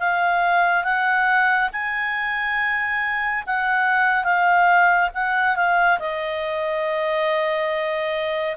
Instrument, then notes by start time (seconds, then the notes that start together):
clarinet
0.00 F5
0.85 F#5
1.73 G#5
3.47 F#5
4.24 F5
5.15 F#5
5.56 F5
6.00 D#5